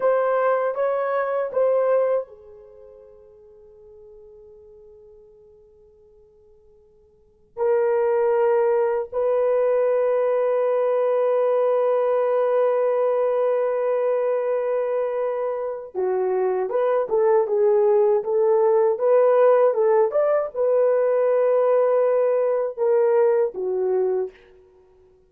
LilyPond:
\new Staff \with { instrumentName = "horn" } { \time 4/4 \tempo 4 = 79 c''4 cis''4 c''4 gis'4~ | gis'1~ | gis'2 ais'2 | b'1~ |
b'1~ | b'4 fis'4 b'8 a'8 gis'4 | a'4 b'4 a'8 d''8 b'4~ | b'2 ais'4 fis'4 | }